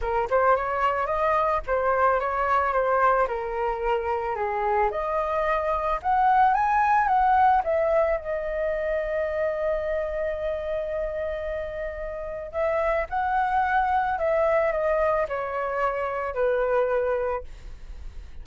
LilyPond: \new Staff \with { instrumentName = "flute" } { \time 4/4 \tempo 4 = 110 ais'8 c''8 cis''4 dis''4 c''4 | cis''4 c''4 ais'2 | gis'4 dis''2 fis''4 | gis''4 fis''4 e''4 dis''4~ |
dis''1~ | dis''2. e''4 | fis''2 e''4 dis''4 | cis''2 b'2 | }